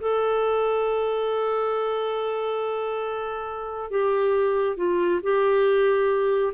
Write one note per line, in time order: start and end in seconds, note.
0.00 3.90 A4
3.90 4.76 G4
4.76 5.20 F4
5.22 6.53 G4